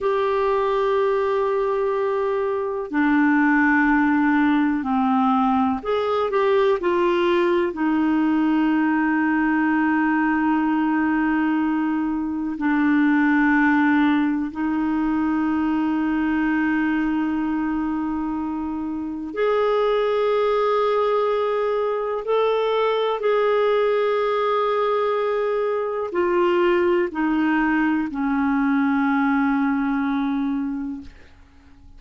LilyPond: \new Staff \with { instrumentName = "clarinet" } { \time 4/4 \tempo 4 = 62 g'2. d'4~ | d'4 c'4 gis'8 g'8 f'4 | dis'1~ | dis'4 d'2 dis'4~ |
dis'1 | gis'2. a'4 | gis'2. f'4 | dis'4 cis'2. | }